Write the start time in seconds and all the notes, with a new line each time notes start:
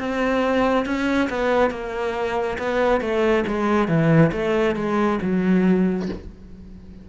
0.00 C4
0.86 C#4
1.30 B3
1.71 A#3
2.59 B3
3.01 A3
3.48 G#3
3.88 E3
4.32 A3
4.76 G#3
5.23 F#3